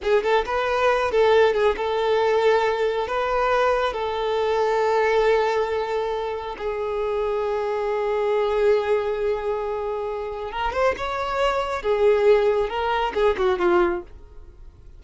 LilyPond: \new Staff \with { instrumentName = "violin" } { \time 4/4 \tempo 4 = 137 gis'8 a'8 b'4. a'4 gis'8 | a'2. b'4~ | b'4 a'2.~ | a'2. gis'4~ |
gis'1~ | gis'1 | ais'8 c''8 cis''2 gis'4~ | gis'4 ais'4 gis'8 fis'8 f'4 | }